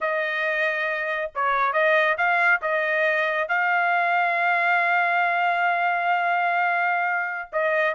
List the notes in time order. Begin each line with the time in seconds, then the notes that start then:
0.01 D#5
1.34 C#5
1.73 D#5
2.17 F5
2.61 D#5
3.48 F5
7.52 D#5